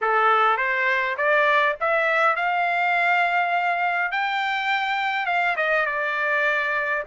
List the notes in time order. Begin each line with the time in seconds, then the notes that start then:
0.01 A4
0.57 C5
1.17 D5
1.80 E5
2.36 F5
4.11 G5
5.26 F5
5.56 D#5
5.86 D5